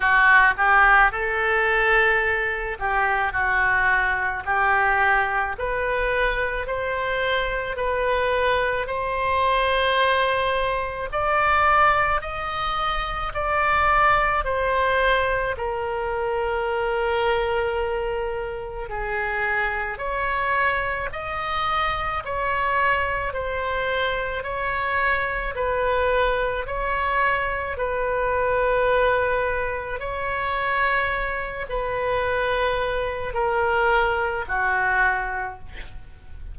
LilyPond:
\new Staff \with { instrumentName = "oboe" } { \time 4/4 \tempo 4 = 54 fis'8 g'8 a'4. g'8 fis'4 | g'4 b'4 c''4 b'4 | c''2 d''4 dis''4 | d''4 c''4 ais'2~ |
ais'4 gis'4 cis''4 dis''4 | cis''4 c''4 cis''4 b'4 | cis''4 b'2 cis''4~ | cis''8 b'4. ais'4 fis'4 | }